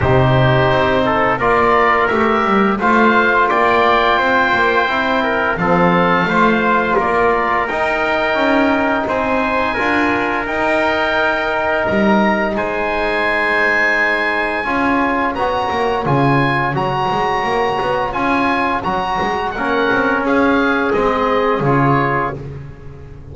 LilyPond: <<
  \new Staff \with { instrumentName = "oboe" } { \time 4/4 \tempo 4 = 86 c''2 d''4 e''4 | f''4 g''2. | f''2 d''4 g''4~ | g''4 gis''2 g''4~ |
g''4 ais''4 gis''2~ | gis''2 ais''4 gis''4 | ais''2 gis''4 ais''4 | fis''4 f''4 dis''4 cis''4 | }
  \new Staff \with { instrumentName = "trumpet" } { \time 4/4 g'4. a'8 ais'2 | c''4 d''4 c''4. ais'8 | a'4 c''4 ais'2~ | ais'4 c''4 ais'2~ |
ais'2 c''2~ | c''4 cis''2.~ | cis''1 | ais'4 gis'2. | }
  \new Staff \with { instrumentName = "trombone" } { \time 4/4 dis'2 f'4 g'4 | f'2. e'4 | c'4 f'2 dis'4~ | dis'2 f'4 dis'4~ |
dis'1~ | dis'4 f'4 fis'4 f'4 | fis'2 f'4 fis'4 | cis'2 c'4 f'4 | }
  \new Staff \with { instrumentName = "double bass" } { \time 4/4 c4 c'4 ais4 a8 g8 | a4 ais4 c'8 ais8 c'4 | f4 a4 ais4 dis'4 | cis'4 c'4 d'4 dis'4~ |
dis'4 g4 gis2~ | gis4 cis'4 b8 ais8 cis4 | fis8 gis8 ais8 b8 cis'4 fis8 gis8 | ais8 c'8 cis'4 gis4 cis4 | }
>>